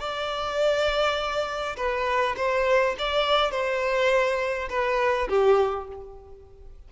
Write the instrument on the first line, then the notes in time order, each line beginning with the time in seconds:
violin
0.00 D5
1.77 B4
2.37 C5
2.99 D5
3.51 C5
4.70 B4
5.29 G4